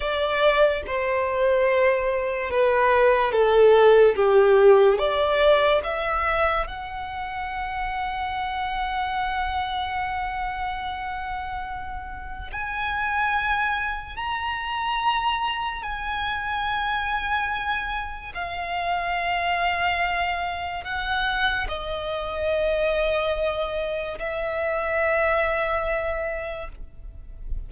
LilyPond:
\new Staff \with { instrumentName = "violin" } { \time 4/4 \tempo 4 = 72 d''4 c''2 b'4 | a'4 g'4 d''4 e''4 | fis''1~ | fis''2. gis''4~ |
gis''4 ais''2 gis''4~ | gis''2 f''2~ | f''4 fis''4 dis''2~ | dis''4 e''2. | }